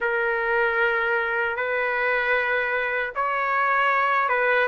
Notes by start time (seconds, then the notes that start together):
0.00 A#4
1.56 B4
3.15 C#5
4.29 B4